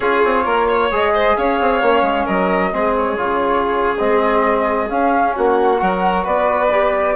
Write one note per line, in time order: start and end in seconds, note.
0.00 0.23 C#4
0.00 0.91 F4
0.00 0.43 G#4
0.00 0.89 C#5
0.24 0.45 C4
0.45 0.91 A#3
0.45 0.67 A#4
0.68 1.13 C#5
0.91 1.36 G#3
0.91 1.82 G#4
0.91 1.36 D#5
1.13 1.36 C5
1.36 1.60 C#4
1.36 2.25 C#5
1.36 2.26 F5
1.60 1.82 C4
1.82 2.02 A#3
1.82 2.71 C#4
2.02 2.25 G#3
2.25 2.73 F#3
2.25 2.70 A#4
2.25 2.94 D#5
2.71 3.18 G#3
2.71 3.17 C4
2.71 5.35 G#4
2.97 3.97 C#5
3.17 3.97 C#3
3.17 3.96 F4
3.97 4.90 G#3
3.97 4.88 C4
3.97 4.88 D#5
4.88 5.78 C#4
4.88 5.36 C#4
4.88 5.34 F5
5.35 5.81 A#3
5.35 5.80 F#4
5.35 6.27 F#5
5.78 6.26 F#3
5.78 6.68 F#4
5.78 6.24 A#4
6.24 7.16 B3
6.24 7.15 B4
6.24 7.16 D5
6.71 7.16 G4